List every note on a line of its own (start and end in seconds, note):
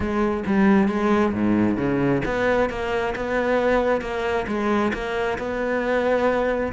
0.00 0.43 G#3
0.46 0.88 G3
0.88 1.32 G#3
1.33 1.77 G#2
1.77 2.21 C#3
2.25 2.69 B3
2.69 3.14 A#3
3.15 4.01 B3
4.01 4.46 A#3
4.47 4.92 G#3
4.93 5.38 A#3
5.38 6.72 B3